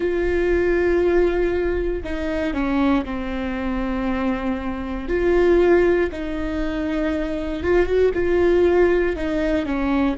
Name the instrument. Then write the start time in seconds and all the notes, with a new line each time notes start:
viola
0.00 F4
2.03 D#4
2.53 C#4
3.05 C4
5.08 F4
6.11 D#4
7.63 F4
7.85 F#4
8.14 F4
9.15 D#4
9.65 C#4